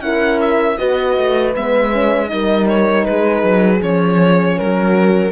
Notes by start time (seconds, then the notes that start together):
0.00 C#4 E4 A#4 F#5
0.41 E5
0.78 B3 F#4 B4 D#5
1.17 A3
1.56 G#3 B3 E5
1.93 C#4
2.27 G3 D#4 A#4 D#5
2.69 C#5
3.05 G#3 G#4 B4
3.43 F#3
3.81 F3 C#4 C#5
4.58 F#3 F#4 A#4